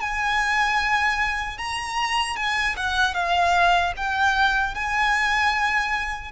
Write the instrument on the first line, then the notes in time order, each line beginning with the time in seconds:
violin
0.00 G#5
1.58 A#5
2.36 G#5
2.76 F#5
3.14 F5
3.96 G5
4.74 G#5